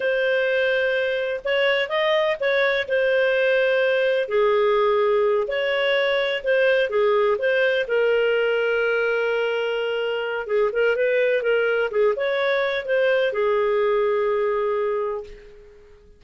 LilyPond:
\new Staff \with { instrumentName = "clarinet" } { \time 4/4 \tempo 4 = 126 c''2. cis''4 | dis''4 cis''4 c''2~ | c''4 gis'2~ gis'8 cis''8~ | cis''4. c''4 gis'4 c''8~ |
c''8 ais'2.~ ais'8~ | ais'2 gis'8 ais'8 b'4 | ais'4 gis'8 cis''4. c''4 | gis'1 | }